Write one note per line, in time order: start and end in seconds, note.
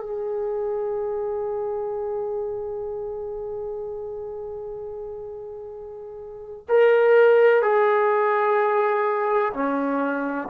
0.00 6.67 G#4
6.68 7.62 A#4
7.62 9.52 G#4
9.53 10.48 C#4